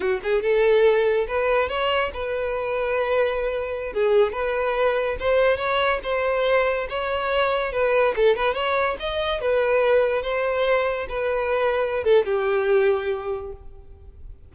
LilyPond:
\new Staff \with { instrumentName = "violin" } { \time 4/4 \tempo 4 = 142 fis'8 gis'8 a'2 b'4 | cis''4 b'2.~ | b'4~ b'16 gis'4 b'4.~ b'16~ | b'16 c''4 cis''4 c''4.~ c''16~ |
c''16 cis''2 b'4 a'8 b'16~ | b'16 cis''4 dis''4 b'4.~ b'16~ | b'16 c''2 b'4.~ b'16~ | b'8 a'8 g'2. | }